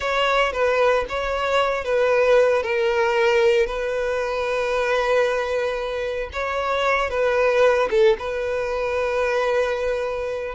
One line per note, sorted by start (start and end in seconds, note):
0.00 0.52 C#5
0.52 1.05 B4
1.08 1.84 C#5
1.84 2.62 B4
2.62 3.66 A#4
3.66 6.29 B4
6.32 7.10 C#5
7.10 7.89 B4
7.90 8.16 A4
8.18 10.55 B4